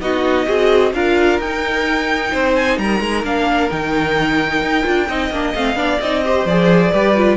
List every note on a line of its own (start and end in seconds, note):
0.00 0.46 B3
0.00 0.46 D#4
0.00 0.46 F#4
0.00 0.93 D#5
0.46 0.93 C4
0.46 0.92 F#4
0.46 0.92 G#4
0.93 1.39 D4
0.93 1.41 F4
0.93 2.32 A#4
0.93 1.40 F5
1.39 2.31 D#4
1.39 3.24 D#4
1.39 2.55 G5
2.32 2.78 C4
2.32 2.78 C5
2.55 2.78 G#5
2.78 3.00 G3
2.78 5.09 A#4
2.78 3.24 A#5
3.00 3.23 G#3
3.23 3.69 A#3
3.23 3.70 D4
3.23 3.70 F5
3.70 4.61 D#3
3.70 4.83 D#4
3.70 5.55 G5
4.61 4.85 D#4
4.83 5.09 D4
4.83 5.06 F4
5.08 5.30 C4
5.08 5.31 D#4
5.08 5.78 D#5
5.30 5.53 A#3
5.30 5.55 D4
5.55 5.75 A3
5.55 5.76 C4
5.55 6.01 F5
5.75 5.98 B3
5.75 5.99 D4
5.75 6.24 D5
6.01 6.45 C4
6.01 6.24 D#4
6.01 6.46 D#5
6.24 6.47 G4
6.24 6.92 C5
6.45 6.91 F3
6.45 6.94 G#4
6.45 7.37 D5
6.92 7.37 G3
6.92 7.16 G4
6.92 7.37 B4
7.16 7.37 F4